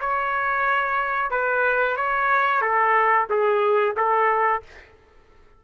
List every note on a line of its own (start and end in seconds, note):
0.00 1.31 C#5
1.31 1.97 B4
1.97 2.61 C#5
2.61 3.27 A4
3.30 3.96 G#4
3.97 4.62 A4